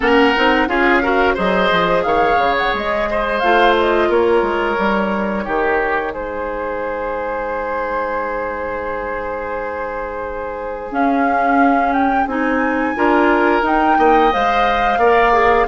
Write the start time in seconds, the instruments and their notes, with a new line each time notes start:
0.00 bassoon A#3, clarinet C#4, oboe A#4, flute F#5
0.36 bassoon C4, clarinet D#4
0.68 bassoon C#4, clarinet F4, oboe G#4, flute F5
1.02 clarinet F#4, oboe A#4
1.34 bassoon F#3, clarinet G#4, oboe C5, flute D#5
1.71 bassoon F3
2.03 bassoon D#3, oboe C#5, flute F5
2.37 bassoon C#3
2.57 flute F#5
2.73 bassoon G#3, flute D#5
3.10 oboe C5
3.39 bassoon A3, clarinet F4, flute F5
3.78 flute D#5
4.08 bassoon A#3, oboe A#4, flute C#5
4.41 bassoon G#3
4.75 bassoon G3, clarinet D#4
5.44 bassoon D#3, oboe G4
6.12 bassoon G#3, oboe G#4, flute C5
10.91 clarinet C#4, bassoon C#4, flute F5
11.92 flute G5
12.26 bassoon C4, clarinet D#4, flute G#5
12.95 bassoon D4, clarinet F4, oboe A#4
13.62 bassoon D#4, clarinet D#4, flute G5
13.98 bassoon A#3, oboe D#5
14.32 bassoon G#3, clarinet C5, flute F5
14.97 bassoon A#3, clarinet A#4, oboe D5
15.33 clarinet G#4